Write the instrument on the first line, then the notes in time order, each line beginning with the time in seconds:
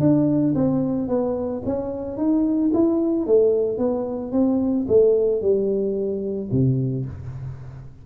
tuba
0.00 D4
0.55 C4
1.08 B3
1.66 C#4
2.17 D#4
2.74 E4
3.27 A3
3.78 B3
4.32 C4
4.88 A3
5.42 G3
6.52 C3